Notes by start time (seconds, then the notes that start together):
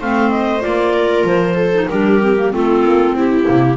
0.00 A3 C4 C5 F5
0.31 D#5
0.61 A#3 F4 D5
0.94 A#4
1.24 F3 C5
1.55 A4
1.74 D#4
1.89 G3 D4 G4 A#4
2.21 C4
2.37 A#3
2.52 A3 C4 F4 A4
2.84 A#3
3.14 C4 E4 G4
3.44 C3 A#3